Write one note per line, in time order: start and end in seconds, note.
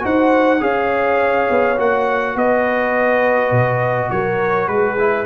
0.00 0.61 D#4
0.00 0.58 F#4
0.00 0.61 C5
0.00 0.63 F#5
0.60 1.49 C#4
0.60 1.76 G#4
0.60 2.37 C#5
0.60 1.79 F5
1.50 1.79 B3
1.77 2.35 A#3
1.77 4.97 F#4
1.77 2.37 F#5
2.35 3.51 B3
2.35 4.12 B4
2.35 4.11 D#5
3.51 4.09 B2
4.11 4.68 F#3
4.11 4.70 A#4
4.11 4.68 C#5
4.68 5.25 G#3
4.68 5.25 G#4
4.68 5.25 B4
4.99 5.25 E4